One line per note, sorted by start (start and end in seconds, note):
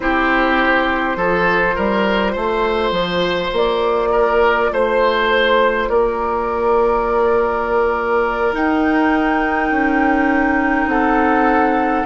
0.00 1.16 C4
0.00 1.18 E4
0.00 1.17 G4
0.00 3.53 C5
1.16 1.75 F3
1.16 8.52 F4
1.16 1.75 A4
1.75 2.35 G3
1.75 2.32 A#4
2.32 2.91 A3
2.32 4.08 C5
2.91 3.50 F3
3.52 4.70 A#3
3.52 4.73 D5
4.11 4.70 A#4
4.71 5.89 A3
4.71 5.89 C5
5.89 8.53 A#3
5.89 10.89 A#4
5.89 8.54 D5
8.52 12.05 D#4
8.52 9.70 D#4
8.52 10.88 G5
9.70 10.86 C#4
10.86 12.04 C4
10.86 12.05 A4
10.86 12.05 F#5